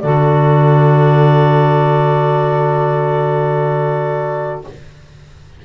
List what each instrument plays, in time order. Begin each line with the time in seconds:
0.00 double bass D3, clarinet F#4 D5, saxophone A4